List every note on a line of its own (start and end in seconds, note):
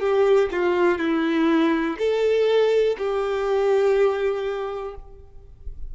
0.00 0.49 G4
0.52 0.98 F4
0.98 1.97 E4
1.99 2.97 A4
2.98 4.95 G4